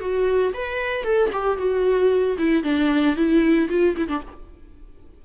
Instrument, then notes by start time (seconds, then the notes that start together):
viola
0.00 F#4
0.54 B4
1.03 A4
1.32 G4
1.57 F#4
2.38 E4
2.63 D4
3.16 E4
3.69 F4
3.96 E4
4.08 D4